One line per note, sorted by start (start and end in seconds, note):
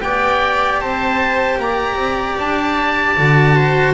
0.00 0.80 B3
0.00 3.16 G4
0.00 0.81 D5
0.00 0.79 G5
0.80 1.58 C4
0.80 1.60 C5
0.80 1.59 A5
1.58 1.95 A#3
1.58 3.55 D5
1.58 2.39 A#5
1.95 2.34 C4
2.39 3.17 D4
2.39 3.93 A5
3.17 3.93 D3
3.17 3.93 F#4
3.55 3.93 C5